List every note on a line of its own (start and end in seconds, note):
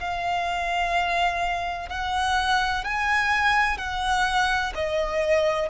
0.00 1.89 F5
1.89 2.84 F#5
2.84 3.77 G#5
3.77 4.73 F#5
4.74 5.69 D#5